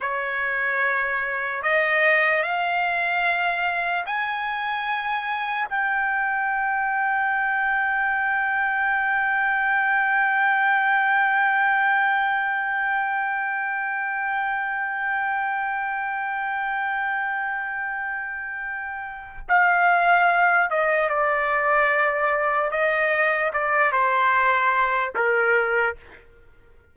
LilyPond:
\new Staff \with { instrumentName = "trumpet" } { \time 4/4 \tempo 4 = 74 cis''2 dis''4 f''4~ | f''4 gis''2 g''4~ | g''1~ | g''1~ |
g''1~ | g''1 | f''4. dis''8 d''2 | dis''4 d''8 c''4. ais'4 | }